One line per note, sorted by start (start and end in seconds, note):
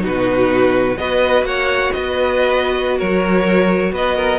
0.00 0.97 B2
0.00 0.94 D#4
0.00 0.98 F#4
0.06 0.97 B4
0.97 1.43 B3
0.97 4.39 F#4
0.97 1.47 B4
0.97 1.45 D#5
1.43 1.90 A#3
1.43 1.94 C#5
1.43 1.92 F#5
1.92 3.01 B3
1.92 2.97 B4
1.92 2.98 D#5
2.97 3.92 F#3
2.97 3.92 A#4
2.97 3.93 C#5
3.92 4.39 B3
3.92 4.16 B4
3.92 4.39 D#5
4.16 4.39 A#4